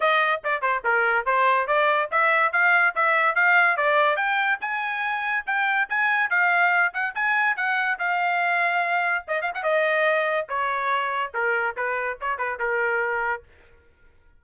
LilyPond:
\new Staff \with { instrumentName = "trumpet" } { \time 4/4 \tempo 4 = 143 dis''4 d''8 c''8 ais'4 c''4 | d''4 e''4 f''4 e''4 | f''4 d''4 g''4 gis''4~ | gis''4 g''4 gis''4 f''4~ |
f''8 fis''8 gis''4 fis''4 f''4~ | f''2 dis''8 f''16 fis''16 dis''4~ | dis''4 cis''2 ais'4 | b'4 cis''8 b'8 ais'2 | }